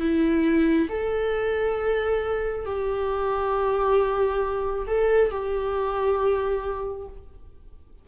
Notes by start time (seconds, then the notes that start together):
0.00 E4
0.89 A4
2.66 G4
4.87 A4
5.31 G4